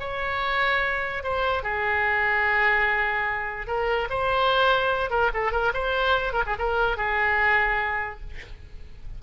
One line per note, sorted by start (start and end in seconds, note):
0.00 1.23 C#5
1.23 1.63 C5
1.63 3.67 G#4
3.67 4.08 A#4
4.10 5.10 C5
5.10 5.31 A#4
5.34 5.52 A4
5.52 5.72 A#4
5.74 6.33 C5
6.33 6.43 A#4
6.46 6.56 G#4
6.59 6.97 A#4
6.97 8.21 G#4